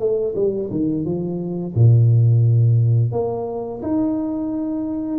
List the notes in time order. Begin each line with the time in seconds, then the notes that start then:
0.00 A3
0.35 G3
0.71 D#3
1.05 F3
1.75 A#2
3.13 A#3
3.83 D#4